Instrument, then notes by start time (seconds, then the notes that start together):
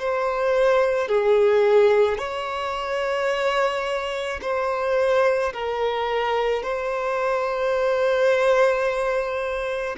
violin
0.00 C5
1.09 G#4
2.18 C#5
4.42 C5
5.54 A#4
6.63 C5